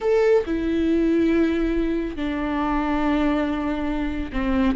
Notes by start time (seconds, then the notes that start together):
0.00 A4
0.46 E4
2.16 D4
4.32 C4